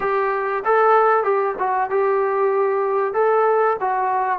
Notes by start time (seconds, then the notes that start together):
0.00 G4
0.65 A4
1.23 G4
1.58 F#4
1.89 G4
3.13 A4
3.80 F#4